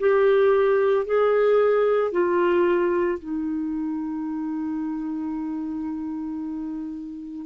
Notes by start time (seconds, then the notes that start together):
0.00 G4
1.06 G#4
2.12 F4
3.19 D#4